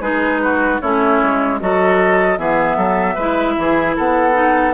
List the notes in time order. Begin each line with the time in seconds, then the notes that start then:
0.00 G#3 D#4 G#4 B4
0.43 F#4
0.80 A3 C#4 E4 C#5
1.22 G#3
1.60 F#3 F#4 A4 D#5
2.37 E3 B3 G#4 E5
2.76 F#3 A4
3.14 G#3 E4 B4
3.57 E3 G#4
3.96 B3 A4 F#5
4.33 D#4